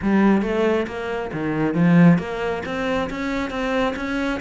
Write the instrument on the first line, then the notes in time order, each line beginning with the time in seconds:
cello
0.02 G3
0.42 A3
0.87 A#3
1.32 D#3
1.74 F3
2.18 A#3
2.65 C4
3.09 C#4
3.50 C4
3.96 C#4